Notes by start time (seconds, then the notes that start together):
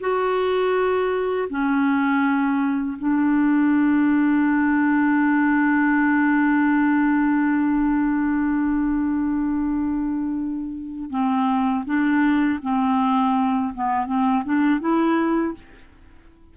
0.00 F#4
1.49 C#4
2.98 D4
11.10 C4
11.85 D4
12.62 C4
13.74 B3
14.06 C4
14.44 D4
14.80 E4